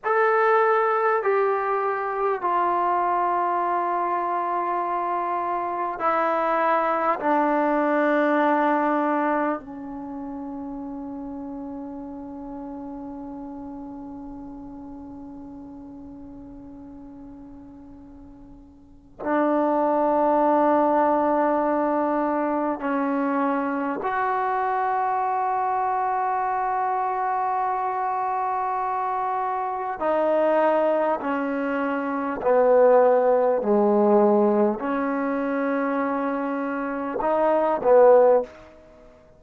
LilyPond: \new Staff \with { instrumentName = "trombone" } { \time 4/4 \tempo 4 = 50 a'4 g'4 f'2~ | f'4 e'4 d'2 | cis'1~ | cis'1 |
d'2. cis'4 | fis'1~ | fis'4 dis'4 cis'4 b4 | gis4 cis'2 dis'8 b8 | }